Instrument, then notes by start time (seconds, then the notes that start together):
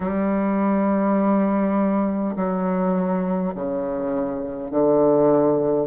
bassoon
0.00 G3
2.36 F#3
3.55 C#3
4.71 D3